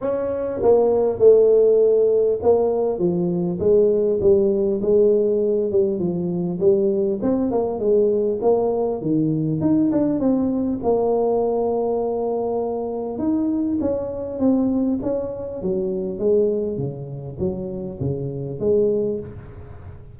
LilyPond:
\new Staff \with { instrumentName = "tuba" } { \time 4/4 \tempo 4 = 100 cis'4 ais4 a2 | ais4 f4 gis4 g4 | gis4. g8 f4 g4 | c'8 ais8 gis4 ais4 dis4 |
dis'8 d'8 c'4 ais2~ | ais2 dis'4 cis'4 | c'4 cis'4 fis4 gis4 | cis4 fis4 cis4 gis4 | }